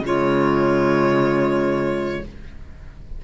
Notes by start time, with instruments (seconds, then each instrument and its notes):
0.00 cello C#3, clarinet G#3 F4, violin C#5